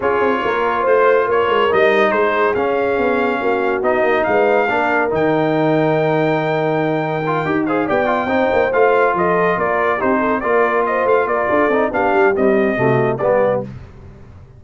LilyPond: <<
  \new Staff \with { instrumentName = "trumpet" } { \time 4/4 \tempo 4 = 141 cis''2 c''4 cis''4 | dis''4 c''4 f''2~ | f''4 dis''4 f''2 | g''1~ |
g''2 f''8 g''4.~ | g''8 f''4 dis''4 d''4 c''8~ | c''8 d''4 dis''8 f''8 d''4. | f''4 dis''2 d''4 | }
  \new Staff \with { instrumentName = "horn" } { \time 4/4 gis'4 ais'4 c''4 ais'4~ | ais'4 gis'2. | fis'2 b'4 ais'4~ | ais'1~ |
ais'2 c''8 d''4 c''8~ | c''4. a'4 ais'4 g'8 | a'8 ais'4 c''4 ais'8 a'4 | g'2 fis'4 g'4 | }
  \new Staff \with { instrumentName = "trombone" } { \time 4/4 f'1 | dis'2 cis'2~ | cis'4 dis'2 d'4 | dis'1~ |
dis'4 f'8 g'8 gis'8 g'8 f'8 dis'8~ | dis'8 f'2. dis'8~ | dis'8 f'2. dis'8 | d'4 g4 a4 b4 | }
  \new Staff \with { instrumentName = "tuba" } { \time 4/4 cis'8 c'8 ais4 a4 ais8 gis8 | g4 gis4 cis'4 b4 | ais4 b8 ais8 gis4 ais4 | dis1~ |
dis4. dis'4 b4 c'8 | ais8 a4 f4 ais4 c'8~ | c'8 ais4. a8 ais8 d'8 c'8 | b8 g8 c'4 c4 g4 | }
>>